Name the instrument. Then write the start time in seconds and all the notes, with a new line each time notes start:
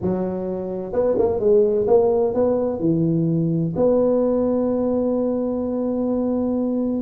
tuba
0.01 F#3
0.93 B3
1.18 A#3
1.39 G#3
1.87 A#3
2.34 B3
2.79 E3
3.75 B3